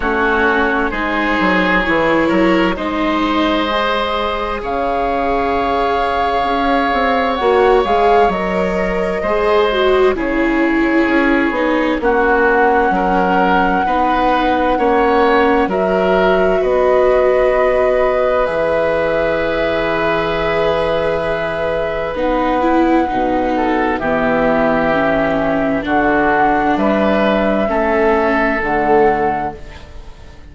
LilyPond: <<
  \new Staff \with { instrumentName = "flute" } { \time 4/4 \tempo 4 = 65 cis''4 c''4 cis''4 dis''4~ | dis''4 f''2. | fis''8 f''8 dis''2 cis''4~ | cis''4 fis''2.~ |
fis''4 e''4 dis''2 | e''1 | fis''2 e''2 | fis''4 e''2 fis''4 | }
  \new Staff \with { instrumentName = "oboe" } { \time 4/4 fis'4 gis'4. ais'8 c''4~ | c''4 cis''2.~ | cis''2 c''4 gis'4~ | gis'4 fis'4 ais'4 b'4 |
cis''4 ais'4 b'2~ | b'1~ | b'4. a'8 g'2 | fis'4 b'4 a'2 | }
  \new Staff \with { instrumentName = "viola" } { \time 4/4 cis'4 dis'4 e'4 dis'4 | gis'1 | fis'8 gis'8 ais'4 gis'8 fis'8 e'4~ | e'8 dis'8 cis'2 dis'4 |
cis'4 fis'2. | gis'1 | dis'8 e'8 dis'4 b4 cis'4 | d'2 cis'4 a4 | }
  \new Staff \with { instrumentName = "bassoon" } { \time 4/4 a4 gis8 fis8 e8 fis8 gis4~ | gis4 cis2 cis'8 c'8 | ais8 gis8 fis4 gis4 cis4 | cis'8 b8 ais4 fis4 b4 |
ais4 fis4 b2 | e1 | b4 b,4 e2 | d4 g4 a4 d4 | }
>>